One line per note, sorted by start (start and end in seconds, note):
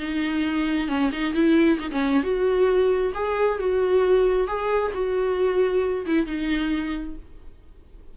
0.00 0.89 D#4
0.89 1.11 C#4
1.13 1.34 D#4
1.34 1.79 E4
1.80 1.91 D#4
1.91 2.23 C#4
2.23 3.13 F#4
3.15 3.59 G#4
3.59 4.48 F#4
4.48 4.92 G#4
4.94 6.06 F#4
6.07 6.26 E4
6.26 7.16 D#4